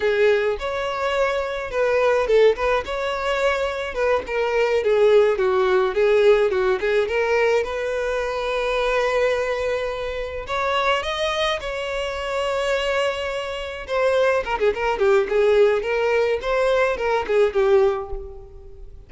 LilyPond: \new Staff \with { instrumentName = "violin" } { \time 4/4 \tempo 4 = 106 gis'4 cis''2 b'4 | a'8 b'8 cis''2 b'8 ais'8~ | ais'8 gis'4 fis'4 gis'4 fis'8 | gis'8 ais'4 b'2~ b'8~ |
b'2~ b'8 cis''4 dis''8~ | dis''8 cis''2.~ cis''8~ | cis''8 c''4 ais'16 gis'16 ais'8 g'8 gis'4 | ais'4 c''4 ais'8 gis'8 g'4 | }